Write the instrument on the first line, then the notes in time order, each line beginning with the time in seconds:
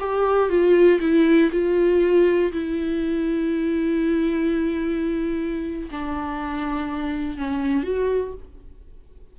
viola
0.00 G4
0.50 F4
1.01 E4
1.52 F4
2.52 E4
5.91 D4
7.38 C#4
7.84 F#4